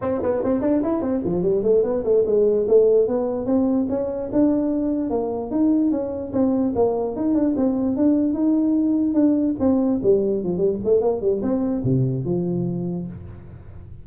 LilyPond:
\new Staff \with { instrumentName = "tuba" } { \time 4/4 \tempo 4 = 147 c'8 b8 c'8 d'8 e'8 c'8 f8 g8 | a8 b8 a8 gis4 a4 b8~ | b8 c'4 cis'4 d'4.~ | d'8 ais4 dis'4 cis'4 c'8~ |
c'8 ais4 dis'8 d'8 c'4 d'8~ | d'8 dis'2 d'4 c'8~ | c'8 g4 f8 g8 a8 ais8 g8 | c'4 c4 f2 | }